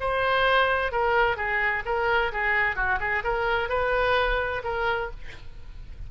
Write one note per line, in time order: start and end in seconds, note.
0.00 0.92 C5
0.92 1.36 A#4
1.36 1.83 G#4
1.85 2.32 A#4
2.32 2.76 G#4
2.76 2.99 F#4
2.99 3.23 G#4
3.23 3.69 A#4
3.69 4.62 B4
4.64 5.10 A#4